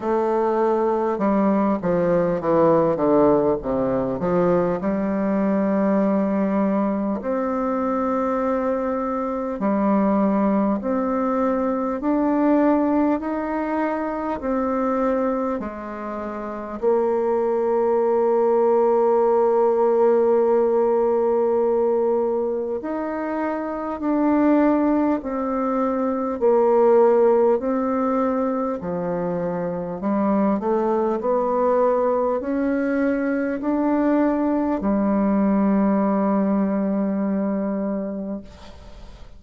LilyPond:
\new Staff \with { instrumentName = "bassoon" } { \time 4/4 \tempo 4 = 50 a4 g8 f8 e8 d8 c8 f8 | g2 c'2 | g4 c'4 d'4 dis'4 | c'4 gis4 ais2~ |
ais2. dis'4 | d'4 c'4 ais4 c'4 | f4 g8 a8 b4 cis'4 | d'4 g2. | }